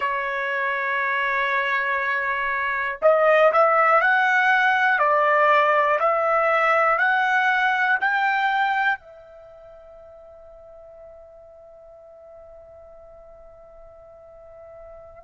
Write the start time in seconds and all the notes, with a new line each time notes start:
0.00 C#5
3.01 D#5
3.52 E5
4.01 F#5
4.99 D5
6.00 E5
6.98 F#5
8.00 G5
8.99 E5